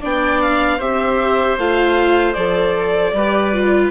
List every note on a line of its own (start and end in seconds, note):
0.00 0.80 B3
0.00 0.79 D4
0.00 0.78 D5
0.00 0.42 G5
0.42 0.80 F5
0.78 1.58 C4
0.78 1.58 G4
0.78 3.12 C5
0.78 1.58 E5
1.58 2.36 A3
1.58 2.34 F4
1.58 2.33 F5
2.33 3.13 F3
2.33 3.12 A4
2.33 3.89 D5
3.13 3.91 G3
3.13 3.53 G4
3.13 3.91 B4
3.53 3.91 F4